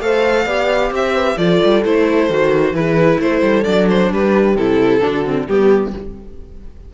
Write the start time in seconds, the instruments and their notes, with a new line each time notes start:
0.00 cello A3, viola A4, horn C5, violin F5
0.45 cello B3, viola G4, horn D5
0.91 cello C4, horn C5, violin E5
1.14 horn B4
1.37 cello F3, viola F4, horn A4, violin D5
1.64 cello G3
1.84 cello A3, viola E4, violin C5
2.29 cello D#3, viola F#4
2.72 cello E3, viola E4, horn G#4, violin B4
3.19 cello A3, horn A4, violin C5
3.42 cello G3
3.64 cello F#3, viola D4, violin D5
3.89 violin C5
4.11 cello G3, horn G4, violin B4
4.55 cello C3, viola E4, violin A4
5.01 cello D3, viola D4, horn F#4
5.25 viola C4
5.47 cello G3, viola B3, violin G4, horn G4